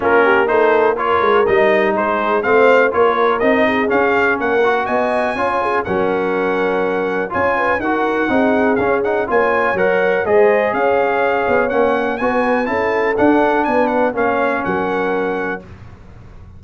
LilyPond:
<<
  \new Staff \with { instrumentName = "trumpet" } { \time 4/4 \tempo 4 = 123 ais'4 c''4 cis''4 dis''4 | c''4 f''4 cis''4 dis''4 | f''4 fis''4 gis''2 | fis''2. gis''4 |
fis''2 f''8 fis''8 gis''4 | fis''4 dis''4 f''2 | fis''4 gis''4 a''4 fis''4 | gis''8 fis''8 f''4 fis''2 | }
  \new Staff \with { instrumentName = "horn" } { \time 4/4 f'8 g'8 a'4 ais'2 | gis'4 c''4 ais'4. gis'8~ | gis'4 ais'4 dis''4 cis''8 gis'8 | ais'2. cis''8 b'8 |
ais'4 gis'2 cis''4~ | cis''4 c''4 cis''2~ | cis''4 b'4 a'2 | b'4 cis''4 ais'2 | }
  \new Staff \with { instrumentName = "trombone" } { \time 4/4 cis'4 dis'4 f'4 dis'4~ | dis'4 c'4 f'4 dis'4 | cis'4. fis'4. f'4 | cis'2. f'4 |
fis'4 dis'4 cis'8 dis'8 f'4 | ais'4 gis'2. | cis'4 fis'4 e'4 d'4~ | d'4 cis'2. | }
  \new Staff \with { instrumentName = "tuba" } { \time 4/4 ais2~ ais8 gis8 g4 | gis4 a4 ais4 c'4 | cis'4 ais4 b4 cis'4 | fis2. cis'4 |
dis'4 c'4 cis'4 ais4 | fis4 gis4 cis'4. b8 | ais4 b4 cis'4 d'4 | b4 ais4 fis2 | }
>>